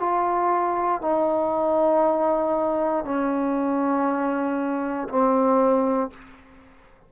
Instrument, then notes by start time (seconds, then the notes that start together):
trombone
0.00 F4
1.01 D#4
3.05 C#4
5.08 C4